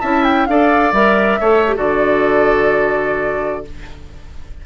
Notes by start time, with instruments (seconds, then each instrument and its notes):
0.00 bassoon C#4, clarinet E4, oboe E5, flute A5
0.23 flute G5
0.46 bassoon D4, clarinet A4, oboe D5, flute F5
0.92 bassoon G3, clarinet A#4, flute E5
1.40 bassoon A3, clarinet A4, oboe C#5
1.67 clarinet G4
1.76 bassoon D3, clarinet F#4, oboe A4, flute D5